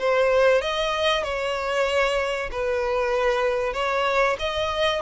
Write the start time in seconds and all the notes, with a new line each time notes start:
0.00 C5
0.62 D#5
1.24 C#5
2.52 B4
3.74 C#5
4.40 D#5